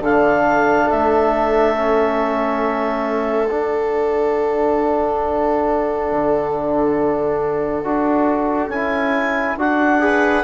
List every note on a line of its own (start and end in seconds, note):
0.00 0.87 D3
0.00 1.75 D4
0.00 10.02 A4
0.00 0.90 F5
0.90 3.53 A3
0.90 3.48 E5
1.75 3.49 C#4
3.48 7.84 D4
3.48 6.11 D4
3.48 8.69 F#5
6.11 7.84 D3
7.84 8.68 D4
7.84 8.71 F#4
8.68 9.55 C#4
8.68 9.58 E4
8.68 9.56 G#5
9.57 10.44 D4
9.57 9.99 F#4
9.57 10.44 F#5
9.99 10.43 G#4
9.99 10.44 B4